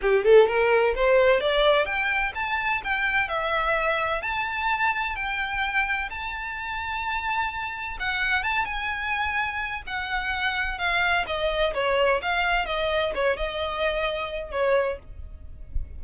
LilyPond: \new Staff \with { instrumentName = "violin" } { \time 4/4 \tempo 4 = 128 g'8 a'8 ais'4 c''4 d''4 | g''4 a''4 g''4 e''4~ | e''4 a''2 g''4~ | g''4 a''2.~ |
a''4 fis''4 a''8 gis''4.~ | gis''4 fis''2 f''4 | dis''4 cis''4 f''4 dis''4 | cis''8 dis''2~ dis''8 cis''4 | }